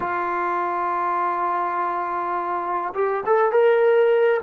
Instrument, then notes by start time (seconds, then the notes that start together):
trombone
0.00 F4
2.94 G4
3.26 A4
3.52 A#4